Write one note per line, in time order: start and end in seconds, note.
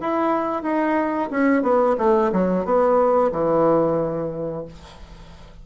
0.00 0.63 E4
0.63 1.29 D#4
1.31 1.63 C#4
1.63 1.96 B3
1.98 2.32 A3
2.32 2.65 F#3
2.65 3.32 B3
3.32 4.65 E3